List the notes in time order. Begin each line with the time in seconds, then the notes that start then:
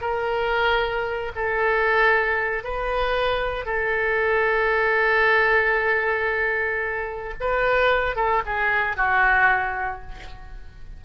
0.00 A#4
1.35 A4
2.63 B4
3.65 A4
7.40 B4
8.16 A4
8.45 G#4
8.96 F#4